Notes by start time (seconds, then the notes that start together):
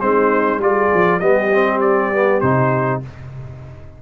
0.00 G#3 C4 D#4 C5
0.59 G3 F4 G#4 D5
0.94 F3
1.19 G3 B3 G4 D#5
1.53 C4
1.80 D5
2.13 B3
2.41 C3 D#4 C5